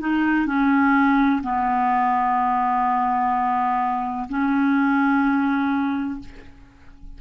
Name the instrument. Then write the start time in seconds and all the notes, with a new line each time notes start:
clarinet
0.00 D#4
0.45 C#4
1.42 B3
4.29 C#4